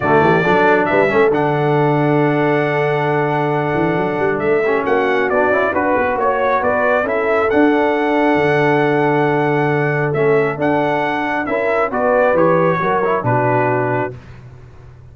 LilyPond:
<<
  \new Staff \with { instrumentName = "trumpet" } { \time 4/4 \tempo 4 = 136 d''2 e''4 fis''4~ | fis''1~ | fis''2 e''4 fis''4 | d''4 b'4 cis''4 d''4 |
e''4 fis''2.~ | fis''2. e''4 | fis''2 e''4 d''4 | cis''2 b'2 | }
  \new Staff \with { instrumentName = "horn" } { \time 4/4 fis'8 g'8 a'4 b'8 a'4.~ | a'1~ | a'2~ a'8 g'8 fis'4~ | fis'4 b'4 cis''4 b'4 |
a'1~ | a'1~ | a'2 ais'4 b'4~ | b'4 ais'4 fis'2 | }
  \new Staff \with { instrumentName = "trombone" } { \time 4/4 a4 d'4. cis'8 d'4~ | d'1~ | d'2~ d'8 cis'4. | d'8 e'8 fis'2. |
e'4 d'2.~ | d'2. cis'4 | d'2 e'4 fis'4 | g'4 fis'8 e'8 d'2 | }
  \new Staff \with { instrumentName = "tuba" } { \time 4/4 d8 e8 fis4 g8 a8 d4~ | d1~ | d8 e8 fis8 g8 a4 ais4 | b8 cis'8 d'8 b8 ais4 b4 |
cis'4 d'2 d4~ | d2. a4 | d'2 cis'4 b4 | e4 fis4 b,2 | }
>>